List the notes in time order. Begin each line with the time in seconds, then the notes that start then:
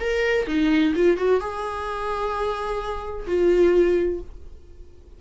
0.00 A#4
0.47 D#4
0.95 F4
1.17 F#4
1.40 G#4
3.27 F4